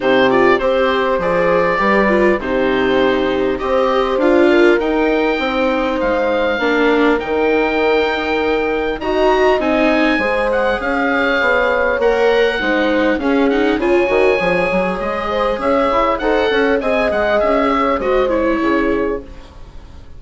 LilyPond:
<<
  \new Staff \with { instrumentName = "oboe" } { \time 4/4 \tempo 4 = 100 c''8 d''8 c''4 d''2 | c''2 dis''4 f''4 | g''2 f''2 | g''2. ais''4 |
gis''4. fis''8 f''2 | fis''2 f''8 fis''8 gis''4~ | gis''4 dis''4 e''4 fis''4 | gis''8 fis''8 e''4 dis''8 cis''4. | }
  \new Staff \with { instrumentName = "horn" } { \time 4/4 g'4 c''2 b'4 | g'2 c''4. ais'8~ | ais'4 c''2 ais'4~ | ais'2. dis''4~ |
dis''4 c''4 cis''2~ | cis''4 c''4 gis'4 cis''4~ | cis''4. c''8 cis''4 c''8 cis''8 | dis''4. cis''8 c''4 gis'4 | }
  \new Staff \with { instrumentName = "viola" } { \time 4/4 dis'8 f'8 g'4 gis'4 g'8 f'8 | dis'2 g'4 f'4 | dis'2. d'4 | dis'2. fis'4 |
dis'4 gis'2. | ais'4 dis'4 cis'8 dis'8 f'8 fis'8 | gis'2. a'4 | gis'2 fis'8 e'4. | }
  \new Staff \with { instrumentName = "bassoon" } { \time 4/4 c4 c'4 f4 g4 | c2 c'4 d'4 | dis'4 c'4 gis4 ais4 | dis2. dis'4 |
c'4 gis4 cis'4 b4 | ais4 gis4 cis'4 cis8 dis8 | f8 fis8 gis4 cis'8 e'8 dis'8 cis'8 | c'8 gis8 cis'4 gis4 cis4 | }
>>